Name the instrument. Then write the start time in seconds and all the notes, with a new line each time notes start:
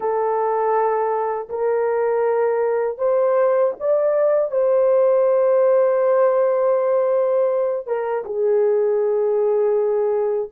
horn
0.00 A4
1.49 A#4
2.98 C5
3.79 D5
4.51 C5
7.86 A#4
8.24 G#4